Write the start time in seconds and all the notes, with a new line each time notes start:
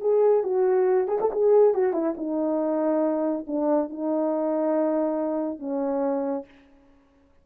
0.00 G#4
0.43 F#4
1.08 G#4
1.20 A4
1.32 G#4
1.74 F#4
1.93 E4
2.16 D#4
3.47 D4
3.89 D#4
5.59 C#4